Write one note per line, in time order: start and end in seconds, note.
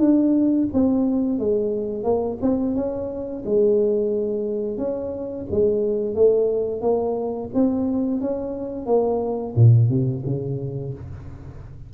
0.00 0.68 D4
0.73 1.39 C4
1.39 2.04 G#3
2.04 2.38 A#3
2.42 2.76 C4
2.76 3.44 C#4
3.45 4.78 G#3
4.78 5.46 C#4
5.51 6.15 G#3
6.15 6.82 A3
6.82 7.50 A#3
7.54 8.21 C4
8.21 8.86 C#4
8.86 9.54 A#3
9.56 9.90 A#2
9.90 10.24 C3
10.26 10.94 C#3